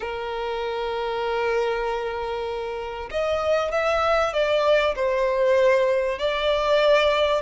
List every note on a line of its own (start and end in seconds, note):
0.00 3.09 A#4
3.10 3.71 D#5
3.71 4.33 E5
4.33 4.95 D5
4.95 6.19 C5
6.19 7.41 D5